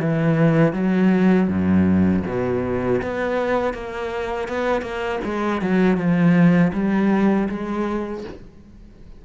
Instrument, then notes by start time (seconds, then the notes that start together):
cello
0.00 E3
0.73 F#3
1.48 F#2
2.26 B2
3.02 B3
3.74 A#3
4.48 B3
4.82 A#3
5.24 G#3
5.61 F#3
5.97 F3
6.73 G3
7.49 G#3